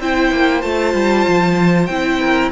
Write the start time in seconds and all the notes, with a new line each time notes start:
0.00 C4 E4 C5 G5
0.31 A#3
0.62 A3 F4 A5
0.94 G3
1.28 F3
1.86 C4 E4 G5
2.21 A#4